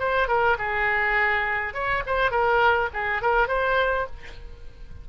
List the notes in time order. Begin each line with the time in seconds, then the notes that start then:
0.00 C5
0.28 A#4
0.59 G#4
1.74 C#5
2.07 C5
2.31 A#4
2.94 G#4
3.22 A#4
3.48 C5